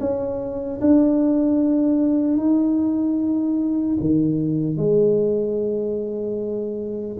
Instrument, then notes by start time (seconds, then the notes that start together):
tuba
0.00 C#4
0.81 D4
2.37 D#4
4.00 D#3
4.77 G#3